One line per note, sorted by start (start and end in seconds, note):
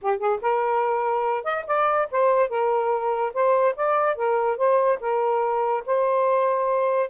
0.01 0.18 G4
0.18 0.39 G#4
0.41 1.44 A#4
1.44 1.64 D#5
1.66 2.08 D5
2.11 2.49 C5
2.49 3.32 A#4
3.33 3.75 C5
3.75 4.15 D5
4.15 4.57 A#4
4.57 4.98 C5
5.00 5.83 A#4
5.86 7.09 C5